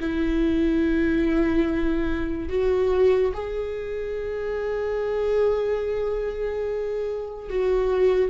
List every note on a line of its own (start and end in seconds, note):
0.00 2.48 E4
2.48 3.32 F#4
3.33 7.49 G#4
7.49 8.30 F#4